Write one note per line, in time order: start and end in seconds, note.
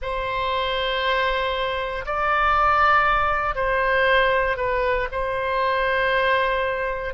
0.01 2.05 C5
2.05 3.55 D5
3.55 4.56 C5
4.57 5.08 B4
5.11 7.14 C5